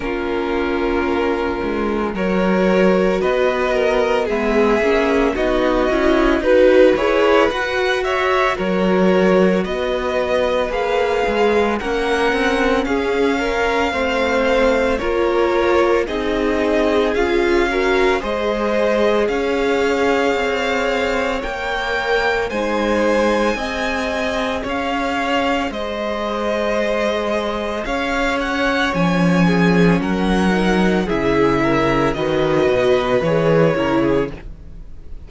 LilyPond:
<<
  \new Staff \with { instrumentName = "violin" } { \time 4/4 \tempo 4 = 56 ais'2 cis''4 dis''4 | e''4 dis''4 b'8 cis''8 fis''8 e''8 | cis''4 dis''4 f''4 fis''4 | f''2 cis''4 dis''4 |
f''4 dis''4 f''2 | g''4 gis''2 f''4 | dis''2 f''8 fis''8 gis''4 | fis''4 e''4 dis''4 cis''4 | }
  \new Staff \with { instrumentName = "violin" } { \time 4/4 f'2 ais'4 b'8 ais'8 | gis'4 fis'4 b'4. cis''8 | ais'4 b'2 ais'4 | gis'8 ais'8 c''4 ais'4 gis'4~ |
gis'8 ais'8 c''4 cis''2~ | cis''4 c''4 dis''4 cis''4 | c''2 cis''4. gis'8 | ais'4 gis'8 ais'8 b'4. ais'16 gis'16 | }
  \new Staff \with { instrumentName = "viola" } { \time 4/4 cis'2 fis'2 | b8 cis'8 dis'8 e'8 fis'8 gis'8 fis'4~ | fis'2 gis'4 cis'4~ | cis'4 c'4 f'4 dis'4 |
f'8 fis'8 gis'2. | ais'4 dis'4 gis'2~ | gis'2. cis'4~ | cis'8 dis'8 e'4 fis'4 gis'8 e'8 | }
  \new Staff \with { instrumentName = "cello" } { \time 4/4 ais4. gis8 fis4 b4 | gis8 ais8 b8 cis'8 dis'8 e'8 fis'4 | fis4 b4 ais8 gis8 ais8 c'8 | cis'4 a4 ais4 c'4 |
cis'4 gis4 cis'4 c'4 | ais4 gis4 c'4 cis'4 | gis2 cis'4 f4 | fis4 cis4 dis8 b,8 e8 cis8 | }
>>